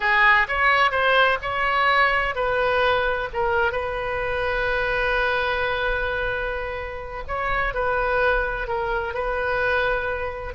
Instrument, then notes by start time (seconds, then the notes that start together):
oboe
0.00 G#4
0.48 C#5
0.91 C5
1.41 C#5
2.35 B4
3.33 A#4
3.72 B4
7.27 C#5
7.74 B4
8.67 A#4
9.14 B4